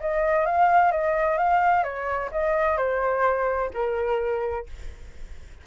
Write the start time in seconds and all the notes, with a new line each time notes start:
0.00 D#5
0.45 F5
0.92 D#5
1.38 F5
1.84 C#5
2.32 D#5
2.77 C5
3.73 A#4